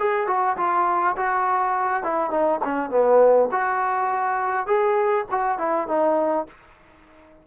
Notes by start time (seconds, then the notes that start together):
0.00 G#4
0.28 F#4
0.57 F4
1.17 F#4
2.04 E4
2.31 D#4
2.65 C#4
2.91 B3
3.52 F#4
4.67 G#4
5.31 F#4
5.59 E4
5.88 D#4